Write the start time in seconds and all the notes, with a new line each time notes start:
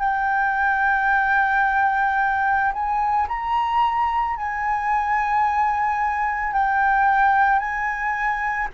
0.00 G5
2.73 G#5
3.28 A#5
4.36 G#5
6.54 G5
7.59 G#5